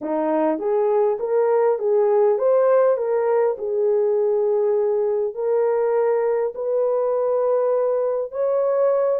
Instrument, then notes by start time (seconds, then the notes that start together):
horn
0.01 D#4
0.58 G#4
1.19 A#4
1.78 G#4
2.38 C5
2.97 A#4
3.58 G#4
5.34 A#4
6.54 B4
8.31 C#5